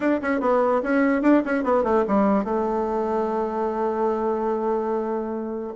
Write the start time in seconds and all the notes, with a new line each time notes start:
0.00 D4
0.21 C#4
0.40 B3
0.82 C#4
1.22 D4
1.45 C#4
1.63 B3
1.83 A3
2.07 G3
2.44 A3